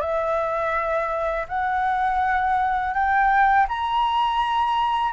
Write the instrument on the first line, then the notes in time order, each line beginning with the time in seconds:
flute
0.00 E5
1.48 F#5
2.94 G5
3.68 A#5